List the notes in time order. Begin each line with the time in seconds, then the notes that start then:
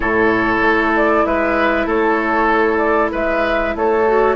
0.00 A2 E4 A4 C#5
0.61 A3
0.96 D5
1.25 G#3 B4 E5
1.86 A3 A4 C#5
2.77 D5
3.11 G#3 B4 E5
3.75 A3 A4 C#5
4.06 F#4